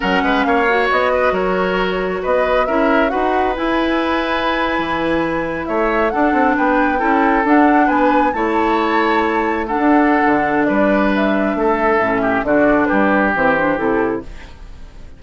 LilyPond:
<<
  \new Staff \with { instrumentName = "flute" } { \time 4/4 \tempo 4 = 135 fis''4 f''4 dis''4 cis''4~ | cis''4 dis''4 e''4 fis''4 | gis''1~ | gis''8. e''4 fis''4 g''4~ g''16~ |
g''8. fis''4 gis''4 a''4~ a''16~ | a''4.~ a''16 fis''2~ fis''16 | d''4 e''2. | d''4 b'4 c''4 a'4 | }
  \new Staff \with { instrumentName = "oboe" } { \time 4/4 ais'8 b'8 cis''4. b'8 ais'4~ | ais'4 b'4 ais'4 b'4~ | b'1~ | b'8. cis''4 a'4 b'4 a'16~ |
a'4.~ a'16 b'4 cis''4~ cis''16~ | cis''4.~ cis''16 a'2~ a'16 | b'2 a'4. g'8 | fis'4 g'2. | }
  \new Staff \with { instrumentName = "clarinet" } { \time 4/4 cis'4. fis'2~ fis'8~ | fis'2 e'4 fis'4 | e'1~ | e'4.~ e'16 d'2 e'16~ |
e'8. d'2 e'4~ e'16~ | e'4.~ e'16 d'2~ d'16~ | d'2. cis'4 | d'2 c'8 d'8 e'4 | }
  \new Staff \with { instrumentName = "bassoon" } { \time 4/4 fis8 gis8 ais4 b4 fis4~ | fis4 b4 cis'4 dis'4 | e'2~ e'8. e4~ e16~ | e8. a4 d'8 c'8 b4 cis'16~ |
cis'8. d'4 b4 a4~ a16~ | a2 d'4 d4 | g2 a4 a,4 | d4 g4 e4 c4 | }
>>